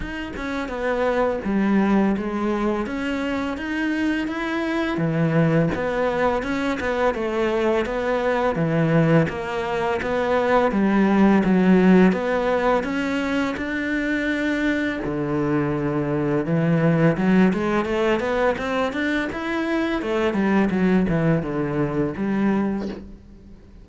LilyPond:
\new Staff \with { instrumentName = "cello" } { \time 4/4 \tempo 4 = 84 dis'8 cis'8 b4 g4 gis4 | cis'4 dis'4 e'4 e4 | b4 cis'8 b8 a4 b4 | e4 ais4 b4 g4 |
fis4 b4 cis'4 d'4~ | d'4 d2 e4 | fis8 gis8 a8 b8 c'8 d'8 e'4 | a8 g8 fis8 e8 d4 g4 | }